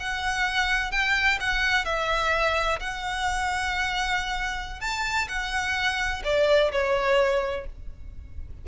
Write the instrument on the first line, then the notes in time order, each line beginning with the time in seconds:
violin
0.00 F#5
0.91 G5
1.40 F#5
1.85 E5
2.80 F#5
4.81 A5
5.28 F#5
6.24 D5
6.72 C#5